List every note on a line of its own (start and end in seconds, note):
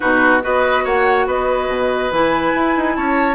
0.00 0.45 B2
0.00 0.40 D#4
0.00 0.42 F#4
0.00 0.41 B4
0.41 0.85 B3
0.41 2.10 F#4
0.41 0.84 B4
0.41 0.85 D#5
0.84 1.27 A#3
0.84 1.26 C#5
0.84 1.28 F#5
1.26 1.68 B3
1.26 2.95 B4
1.26 2.11 D#5
1.68 2.10 B2
2.11 2.53 E3
2.11 3.35 E4
2.11 2.95 G#5
2.54 2.75 E4
2.76 2.97 D#4
2.95 3.35 C#4
2.95 3.35 C#5
2.95 3.35 A5